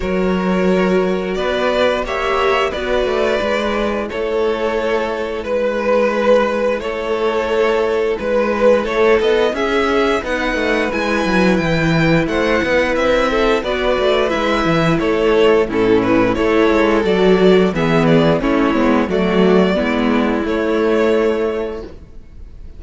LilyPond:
<<
  \new Staff \with { instrumentName = "violin" } { \time 4/4 \tempo 4 = 88 cis''2 d''4 e''4 | d''2 cis''2 | b'2 cis''2 | b'4 cis''8 dis''8 e''4 fis''4 |
gis''4 g''4 fis''4 e''4 | d''4 e''4 cis''4 a'8 b'8 | cis''4 d''4 e''8 d''8 cis''4 | d''2 cis''2 | }
  \new Staff \with { instrumentName = "violin" } { \time 4/4 ais'2 b'4 cis''4 | b'2 a'2 | b'2 a'2 | b'4 a'4 gis'4 b'4~ |
b'2 c''8 b'4 a'8 | b'2 a'4 e'4 | a'2 gis'4 e'4 | fis'4 e'2. | }
  \new Staff \with { instrumentName = "viola" } { \time 4/4 fis'2. g'4 | fis'4 e'2.~ | e'1~ | e'2. dis'4 |
e'1 | fis'4 e'2 cis'4 | e'4 fis'4 b4 cis'8 b8 | a4 b4 a2 | }
  \new Staff \with { instrumentName = "cello" } { \time 4/4 fis2 b4 ais4 | b8 a8 gis4 a2 | gis2 a2 | gis4 a8 b8 cis'4 b8 a8 |
gis8 fis8 e4 a8 b8 c'4 | b8 a8 gis8 e8 a4 a,4 | a8 gis8 fis4 e4 a8 gis8 | fis4 gis4 a2 | }
>>